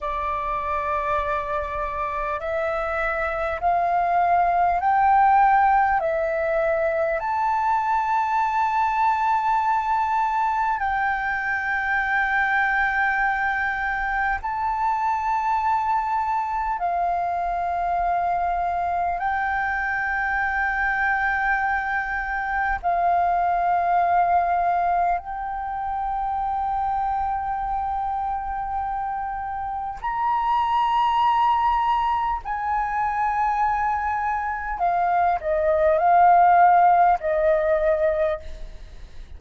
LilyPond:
\new Staff \with { instrumentName = "flute" } { \time 4/4 \tempo 4 = 50 d''2 e''4 f''4 | g''4 e''4 a''2~ | a''4 g''2. | a''2 f''2 |
g''2. f''4~ | f''4 g''2.~ | g''4 ais''2 gis''4~ | gis''4 f''8 dis''8 f''4 dis''4 | }